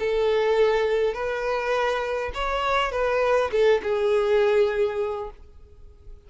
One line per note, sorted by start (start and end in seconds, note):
0.00 1.14 A4
1.14 2.32 B4
2.34 2.92 C#5
2.92 3.51 B4
3.52 3.82 A4
3.83 5.30 G#4